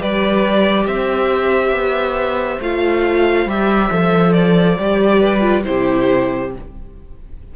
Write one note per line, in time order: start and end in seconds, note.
0.00 0.87 G3
0.00 2.61 G4
0.00 0.87 B4
0.00 0.87 D5
0.87 1.72 C4
0.87 5.20 C5
0.87 2.61 E5
1.72 2.59 B3
2.60 3.46 A3
2.60 3.48 F4
2.60 3.50 F5
3.46 3.89 G3
3.46 3.91 G4
3.46 4.33 E5
3.91 4.78 F3
3.91 4.78 A4
4.33 5.63 D5
4.79 5.66 G3
4.79 5.41 G4
5.20 5.63 B4
5.41 5.63 F4
5.64 6.56 C3
5.64 6.51 E4
5.64 6.55 G4
5.64 6.52 C5